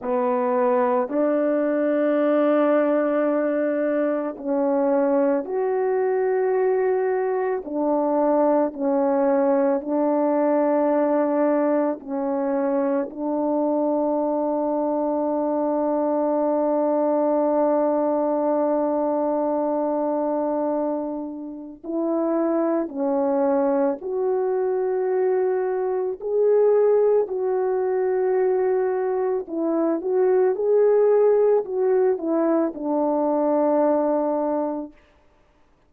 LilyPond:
\new Staff \with { instrumentName = "horn" } { \time 4/4 \tempo 4 = 55 b4 d'2. | cis'4 fis'2 d'4 | cis'4 d'2 cis'4 | d'1~ |
d'1 | e'4 cis'4 fis'2 | gis'4 fis'2 e'8 fis'8 | gis'4 fis'8 e'8 d'2 | }